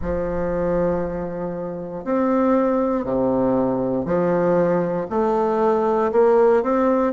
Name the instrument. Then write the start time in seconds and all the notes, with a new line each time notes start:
bassoon
0.01 F3
2.04 C4
3.04 C3
4.05 F3
5.09 A3
6.12 A#3
6.62 C4